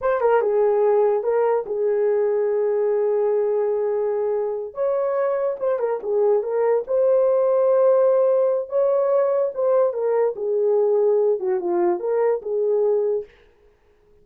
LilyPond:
\new Staff \with { instrumentName = "horn" } { \time 4/4 \tempo 4 = 145 c''8 ais'8 gis'2 ais'4 | gis'1~ | gis'2.~ gis'8 cis''8~ | cis''4. c''8 ais'8 gis'4 ais'8~ |
ais'8 c''2.~ c''8~ | c''4 cis''2 c''4 | ais'4 gis'2~ gis'8 fis'8 | f'4 ais'4 gis'2 | }